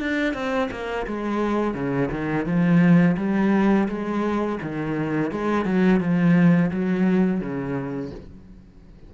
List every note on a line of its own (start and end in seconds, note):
0.00 0.34 D4
0.34 0.69 C4
0.71 1.07 A#3
1.07 1.75 G#3
1.75 2.10 C#3
2.11 2.46 D#3
2.46 3.16 F3
3.17 3.88 G3
3.89 4.59 G#3
4.62 5.32 D#3
5.32 5.65 G#3
5.65 6.00 F#3
6.00 6.71 F3
6.71 7.41 F#3
7.41 8.11 C#3